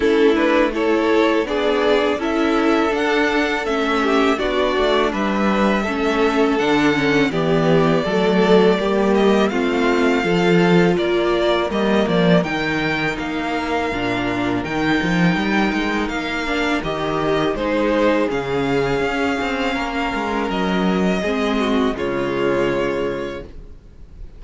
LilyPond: <<
  \new Staff \with { instrumentName = "violin" } { \time 4/4 \tempo 4 = 82 a'8 b'8 cis''4 d''4 e''4 | fis''4 e''4 d''4 e''4~ | e''4 fis''4 d''2~ | d''8 dis''8 f''2 d''4 |
dis''8 d''8 g''4 f''2 | g''2 f''4 dis''4 | c''4 f''2. | dis''2 cis''2 | }
  \new Staff \with { instrumentName = "violin" } { \time 4/4 e'4 a'4 gis'4 a'4~ | a'4. g'8 fis'4 b'4 | a'2 g'4 a'4 | g'4 f'4 a'4 ais'4~ |
ais'1~ | ais'1 | gis'2. ais'4~ | ais'4 gis'8 fis'8 f'2 | }
  \new Staff \with { instrumentName = "viola" } { \time 4/4 cis'8 d'8 e'4 d'4 e'4 | d'4 cis'4 d'2 | cis'4 d'8 cis'8 b4 a4 | ais4 c'4 f'2 |
ais4 dis'2 d'4 | dis'2~ dis'8 d'8 g'4 | dis'4 cis'2.~ | cis'4 c'4 gis2 | }
  \new Staff \with { instrumentName = "cello" } { \time 4/4 a2 b4 cis'4 | d'4 a4 b8 a8 g4 | a4 d4 e4 fis4 | g4 a4 f4 ais4 |
g8 f8 dis4 ais4 ais,4 | dis8 f8 g8 gis8 ais4 dis4 | gis4 cis4 cis'8 c'8 ais8 gis8 | fis4 gis4 cis2 | }
>>